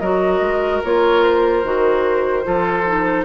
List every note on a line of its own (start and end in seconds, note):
0.00 0.41 F#3
0.00 0.84 F#4
0.00 2.45 A#4
0.00 0.81 D#5
0.41 0.81 G#3
0.84 1.64 A#3
0.84 1.64 F4
0.84 1.24 C#5
1.24 3.26 C5
1.64 2.45 D#3
1.64 2.44 F#4
2.44 3.26 F3
2.44 2.84 F4
2.44 3.26 A4
2.87 3.26 D#4